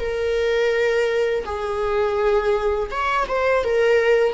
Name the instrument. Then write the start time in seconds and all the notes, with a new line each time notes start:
viola
0.00 A#4
1.46 G#4
2.91 C#5
3.29 C5
3.64 A#4